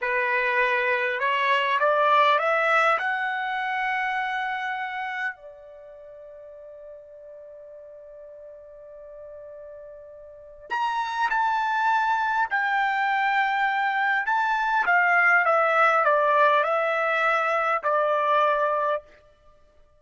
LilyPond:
\new Staff \with { instrumentName = "trumpet" } { \time 4/4 \tempo 4 = 101 b'2 cis''4 d''4 | e''4 fis''2.~ | fis''4 d''2.~ | d''1~ |
d''2 ais''4 a''4~ | a''4 g''2. | a''4 f''4 e''4 d''4 | e''2 d''2 | }